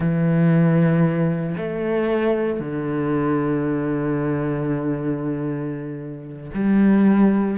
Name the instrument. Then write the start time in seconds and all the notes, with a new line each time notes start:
cello
0.00 E3
1.57 A3
2.59 D3
6.54 G3